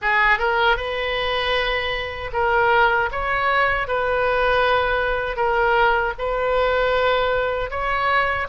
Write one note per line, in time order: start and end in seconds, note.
0.01 0.38 G#4
0.38 0.77 A#4
0.77 2.30 B4
2.33 3.09 A#4
3.11 3.87 C#5
3.87 5.36 B4
5.36 6.13 A#4
6.18 7.70 B4
7.70 8.47 C#5